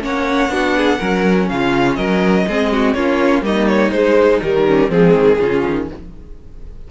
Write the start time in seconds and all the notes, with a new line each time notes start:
0.00 A#3 C#4 C#5 F#5
0.49 B3 D4 F#4
0.77 G#4
0.98 F#3 C#4 A#4
1.48 C#3 F4 F5
1.95 F#3 A#4 D#5
2.47 G#3 C4 G#4
2.72 F#4
2.93 A#3 C#4 F4 C#5
3.42 G3 A#3 D#4 D#5
3.67 C#5
3.91 G#3 C5
4.42 D#3 G3 A#4
4.67 C#4
4.90 F3 G#3 C4 G#4
5.14 D#3
5.39 C#3 C#4 F4
5.66 D#3